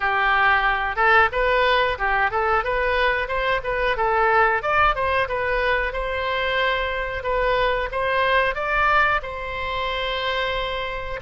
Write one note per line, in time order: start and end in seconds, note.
0.00 0.96 G4
0.96 1.29 A4
1.32 1.98 B4
1.98 2.30 G4
2.30 2.63 A4
2.63 3.28 B4
3.28 3.61 C5
3.63 3.96 B4
3.97 4.62 A4
4.62 4.95 D5
4.95 5.27 C5
5.28 5.93 B4
5.93 7.23 C5
7.23 7.89 B4
7.91 8.54 C5
8.54 9.20 D5
9.22 11.20 C5